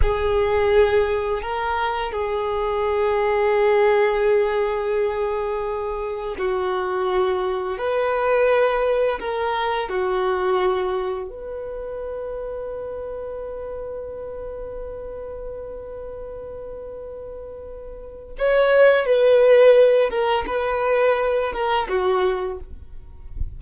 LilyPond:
\new Staff \with { instrumentName = "violin" } { \time 4/4 \tempo 4 = 85 gis'2 ais'4 gis'4~ | gis'1~ | gis'4 fis'2 b'4~ | b'4 ais'4 fis'2 |
b'1~ | b'1~ | b'2 cis''4 b'4~ | b'8 ais'8 b'4. ais'8 fis'4 | }